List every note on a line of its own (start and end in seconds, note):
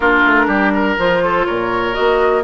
0.00 0.23 A#3
0.00 0.98 D4
0.00 0.45 F4
0.00 0.95 A#4
0.25 0.47 A3
0.47 0.96 G3
0.47 0.72 G4
0.74 1.23 A#4
0.98 1.46 F3
0.98 1.93 F4
0.98 1.45 C5
1.23 1.46 A4
1.45 1.96 A#2
1.45 2.43 A#4
1.45 1.94 C#5
1.93 2.44 A#3
1.93 2.41 F#4
1.93 2.43 D#5